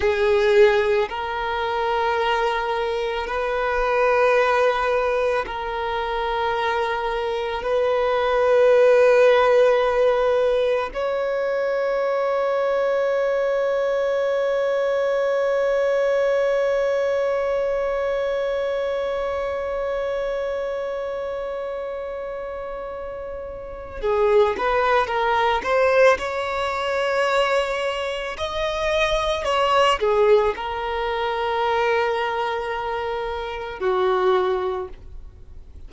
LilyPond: \new Staff \with { instrumentName = "violin" } { \time 4/4 \tempo 4 = 55 gis'4 ais'2 b'4~ | b'4 ais'2 b'4~ | b'2 cis''2~ | cis''1~ |
cis''1~ | cis''2 gis'8 b'8 ais'8 c''8 | cis''2 dis''4 cis''8 gis'8 | ais'2. fis'4 | }